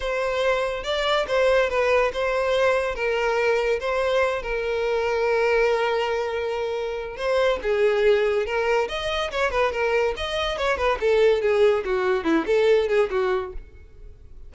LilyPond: \new Staff \with { instrumentName = "violin" } { \time 4/4 \tempo 4 = 142 c''2 d''4 c''4 | b'4 c''2 ais'4~ | ais'4 c''4. ais'4.~ | ais'1~ |
ais'4 c''4 gis'2 | ais'4 dis''4 cis''8 b'8 ais'4 | dis''4 cis''8 b'8 a'4 gis'4 | fis'4 e'8 a'4 gis'8 fis'4 | }